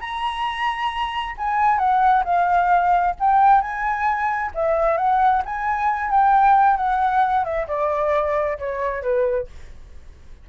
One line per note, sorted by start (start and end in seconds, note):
0.00 1.35 A#5
1.37 1.78 G#5
1.78 2.23 F#5
2.24 3.14 F5
3.19 3.61 G5
3.61 4.51 G#5
4.54 4.97 E5
4.97 5.42 F#5
5.45 6.10 G#5
6.10 6.76 G5
6.76 7.44 F#5
7.44 7.66 E5
7.67 8.58 D5
8.58 9.02 C#5
9.02 9.47 B4